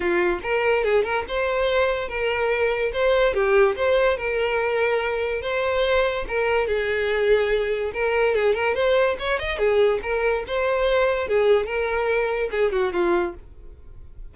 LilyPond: \new Staff \with { instrumentName = "violin" } { \time 4/4 \tempo 4 = 144 f'4 ais'4 gis'8 ais'8 c''4~ | c''4 ais'2 c''4 | g'4 c''4 ais'2~ | ais'4 c''2 ais'4 |
gis'2. ais'4 | gis'8 ais'8 c''4 cis''8 dis''8 gis'4 | ais'4 c''2 gis'4 | ais'2 gis'8 fis'8 f'4 | }